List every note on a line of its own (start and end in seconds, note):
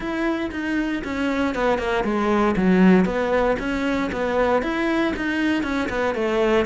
0.00 0.50 E4
0.51 1.02 D#4
1.04 1.54 C#4
1.54 1.78 B3
1.78 2.03 A#3
2.03 2.55 G#3
2.56 3.05 F#3
3.05 3.56 B3
3.59 4.10 C#4
4.12 4.62 B3
4.62 5.13 E4
5.16 5.63 D#4
5.63 5.88 C#4
5.89 6.14 B3
6.14 6.65 A3